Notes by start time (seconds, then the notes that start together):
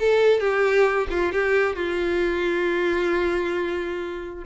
0.00 A4
0.41 G4
1.11 F4
1.33 G4
1.76 F4